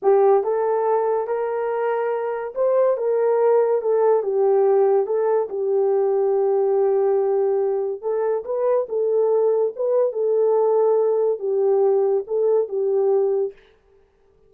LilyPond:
\new Staff \with { instrumentName = "horn" } { \time 4/4 \tempo 4 = 142 g'4 a'2 ais'4~ | ais'2 c''4 ais'4~ | ais'4 a'4 g'2 | a'4 g'2.~ |
g'2. a'4 | b'4 a'2 b'4 | a'2. g'4~ | g'4 a'4 g'2 | }